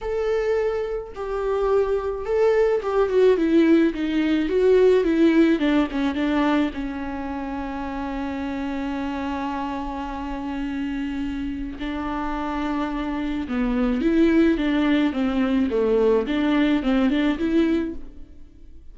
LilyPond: \new Staff \with { instrumentName = "viola" } { \time 4/4 \tempo 4 = 107 a'2 g'2 | a'4 g'8 fis'8 e'4 dis'4 | fis'4 e'4 d'8 cis'8 d'4 | cis'1~ |
cis'1~ | cis'4 d'2. | b4 e'4 d'4 c'4 | a4 d'4 c'8 d'8 e'4 | }